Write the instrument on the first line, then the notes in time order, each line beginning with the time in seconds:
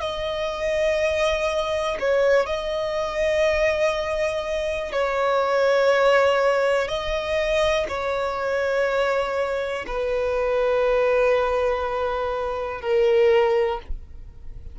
violin
0.00 D#5
1.99 C#5
2.45 D#5
4.92 C#5
6.88 D#5
7.88 C#5
9.86 B4
12.80 A#4